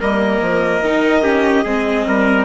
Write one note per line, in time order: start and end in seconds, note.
0.00 0.41 G3
0.00 0.83 A#3
0.00 1.23 A#4
0.00 2.44 D#5
0.41 0.81 F3
0.81 1.63 D#3
0.81 1.22 D#4
1.22 1.63 C#4
1.22 1.63 G4
1.63 2.06 G#3
1.63 2.44 C4
1.63 2.04 G#4
2.06 2.44 G3
2.06 2.44 A#4